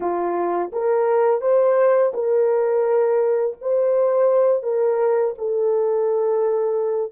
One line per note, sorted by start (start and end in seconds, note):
0.00 0.71 F4
0.72 1.41 A#4
1.41 2.12 C5
2.13 3.56 A#4
3.61 4.62 C5
4.62 5.34 A#4
5.37 7.12 A4